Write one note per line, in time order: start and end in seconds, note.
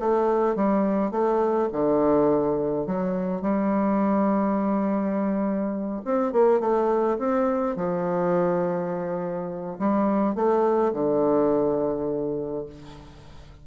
0.00 0.56 A3
0.56 1.11 G3
1.11 1.69 A3
1.73 2.87 D3
2.87 3.42 F#3
3.42 6.02 G3
6.05 6.33 C4
6.33 6.61 A#3
6.61 7.18 A3
7.19 7.76 C4
7.76 9.78 F3
9.79 10.36 G3
10.36 10.93 A3
10.94 12.67 D3